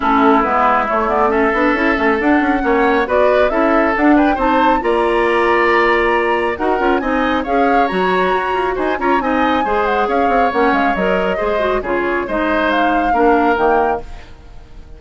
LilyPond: <<
  \new Staff \with { instrumentName = "flute" } { \time 4/4 \tempo 4 = 137 a'4 b'4 cis''8 d''8 e''4~ | e''4 fis''2 d''4 | e''4 fis''8 g''8 a''4 ais''4~ | ais''2. fis''4 |
gis''4 f''4 ais''2 | gis''8 ais''8 gis''4. fis''8 f''4 | fis''8 f''8 dis''2 cis''4 | dis''4 f''2 g''4 | }
  \new Staff \with { instrumentName = "oboe" } { \time 4/4 e'2. a'4~ | a'2 cis''4 b'4 | a'4. b'8 c''4 d''4~ | d''2. ais'4 |
dis''4 cis''2. | c''8 cis''8 dis''4 c''4 cis''4~ | cis''2 c''4 gis'4 | c''2 ais'2 | }
  \new Staff \with { instrumentName = "clarinet" } { \time 4/4 cis'4 b4 a8 b8 cis'8 d'8 | e'8 cis'8 d'4 cis'4 fis'4 | e'4 d'4 dis'4 f'4~ | f'2. fis'8 f'8 |
dis'4 gis'4 fis'2~ | fis'8 f'8 dis'4 gis'2 | cis'4 ais'4 gis'8 fis'8 f'4 | dis'2 d'4 ais4 | }
  \new Staff \with { instrumentName = "bassoon" } { \time 4/4 a4 gis4 a4. b8 | cis'8 a8 d'8 cis'8 ais4 b4 | cis'4 d'4 c'4 ais4~ | ais2. dis'8 cis'8 |
c'4 cis'4 fis4 fis'8 f'8 | dis'8 cis'8 c'4 gis4 cis'8 c'8 | ais8 gis8 fis4 gis4 cis4 | gis2 ais4 dis4 | }
>>